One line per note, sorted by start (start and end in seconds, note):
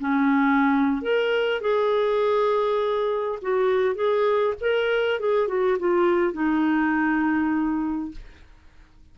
0.00 1.02 C#4
1.02 1.61 A#4
1.61 3.39 G#4
3.42 3.95 F#4
3.95 4.54 G#4
4.61 5.20 A#4
5.20 5.48 G#4
5.48 5.78 F#4
5.79 6.33 F4
6.33 8.12 D#4